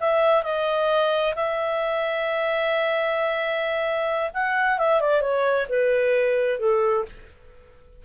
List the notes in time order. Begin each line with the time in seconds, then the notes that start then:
0.00 E5
0.43 D#5
1.35 E5
4.34 F#5
4.78 E5
5.01 D5
5.21 C#5
5.69 B4
6.60 A4